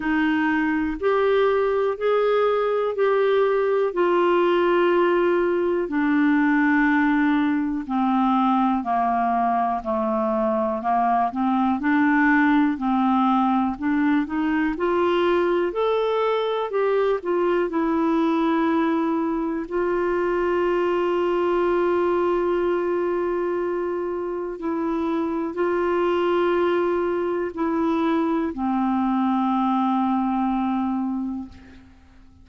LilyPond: \new Staff \with { instrumentName = "clarinet" } { \time 4/4 \tempo 4 = 61 dis'4 g'4 gis'4 g'4 | f'2 d'2 | c'4 ais4 a4 ais8 c'8 | d'4 c'4 d'8 dis'8 f'4 |
a'4 g'8 f'8 e'2 | f'1~ | f'4 e'4 f'2 | e'4 c'2. | }